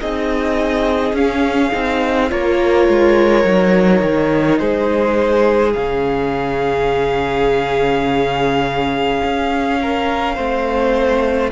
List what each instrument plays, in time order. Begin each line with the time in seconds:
0.00 cello C4, viola D#4, violin G#4 D#5
1.13 cello C#4, viola C#4, violin F5
1.73 cello C4, viola D#4
2.30 cello A#3, viola F4, violin A#4 C#5
2.89 cello G#3
3.44 cello F#3, viola D#4
4.02 cello D#3
4.58 cello G#3, violin G#4 C5
5.73 cello C#3, viola C#4, violin F5
9.24 cello C#4
9.82 violin A#4
10.35 cello A3, viola C4, violin C5